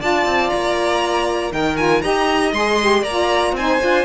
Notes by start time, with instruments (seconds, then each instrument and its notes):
0.00 cello D4, saxophone F4, violin D5 A5
0.26 cello C4
0.50 cello A#3, violin A#5
1.51 cello D#3, saxophone D#4, violin A#4 G5
1.77 saxophone F4, violin G#5
2.02 cello D#4, saxophone G4, violin D#5 A#5
2.53 cello G#3, saxophone G#4, violin C6
2.81 saxophone G4
3.02 cello A#3, violin D5 A#5
3.09 saxophone F4
3.53 cello C4, violin G#5
3.59 saxophone D#4, violin C5
3.81 cello D4, saxophone F4